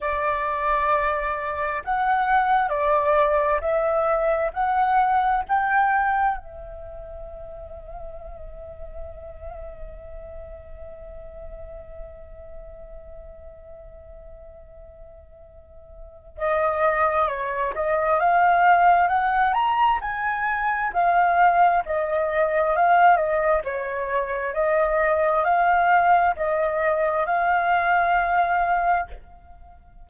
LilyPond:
\new Staff \with { instrumentName = "flute" } { \time 4/4 \tempo 4 = 66 d''2 fis''4 d''4 | e''4 fis''4 g''4 e''4~ | e''1~ | e''1~ |
e''2 dis''4 cis''8 dis''8 | f''4 fis''8 ais''8 gis''4 f''4 | dis''4 f''8 dis''8 cis''4 dis''4 | f''4 dis''4 f''2 | }